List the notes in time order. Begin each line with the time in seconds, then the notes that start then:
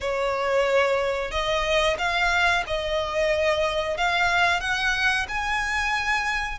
0.01 C#5
1.31 D#5
1.98 F5
2.66 D#5
3.97 F5
4.60 F#5
5.28 G#5